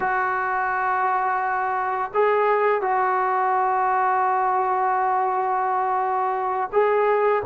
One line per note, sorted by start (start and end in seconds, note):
0.00 2.11 F#4
2.14 2.81 G#4
2.81 6.70 F#4
6.72 7.42 G#4